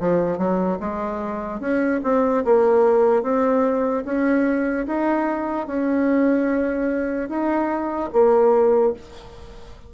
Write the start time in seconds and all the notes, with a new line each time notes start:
0.00 F3
0.38 F#3
0.80 G#3
1.60 C#4
2.03 C4
2.44 A#3
3.22 C4
4.05 C#4
4.86 D#4
5.67 C#4
7.29 D#4
8.12 A#3